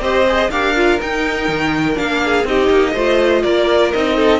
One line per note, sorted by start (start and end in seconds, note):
0.00 0.49 C4
0.00 0.27 G4
0.00 0.51 C5
0.00 0.50 D#5
0.27 0.51 G#4
0.50 0.99 D4
0.50 0.75 G4
0.50 2.22 A#4
0.50 0.99 F5
0.75 1.00 F4
1.01 1.94 D#4
1.01 1.48 D#4
1.01 1.97 G5
1.48 1.97 D#3
1.94 2.44 A#3
1.94 2.43 D4
1.94 2.46 F5
2.24 2.49 G#4
2.44 2.68 C4
2.44 2.95 D#4
2.44 2.93 G4
2.44 3.43 D#5
2.70 2.94 A#3
2.93 3.43 A3
2.93 3.94 F4
2.93 3.42 C5
3.43 3.93 A#3
3.43 4.16 A#4
3.43 3.91 D5
3.93 4.40 C4
3.93 4.40 D#4
3.93 4.40 D#5
4.16 4.40 A4